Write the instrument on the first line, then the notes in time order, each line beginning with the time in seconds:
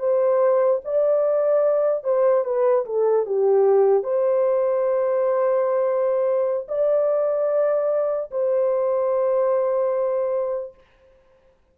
horn
0.00 C5
0.85 D5
2.05 C5
2.45 B4
2.86 A4
3.26 G4
4.04 C5
6.69 D5
8.31 C5